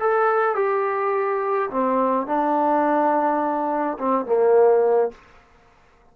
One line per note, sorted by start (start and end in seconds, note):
0.00 0.56 A4
0.56 1.70 G4
1.70 2.26 C4
2.26 3.98 D4
3.99 4.26 C4
4.26 5.11 A#3